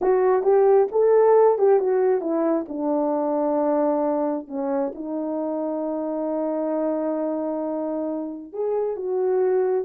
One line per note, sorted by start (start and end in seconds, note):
0.01 0.42 F#4
0.42 0.87 G4
0.91 1.58 A4
1.58 1.79 G4
1.79 2.20 F#4
2.20 2.65 E4
2.68 4.47 D4
4.47 4.92 C#4
4.95 8.52 D#4
8.52 8.96 G#4
8.96 9.84 F#4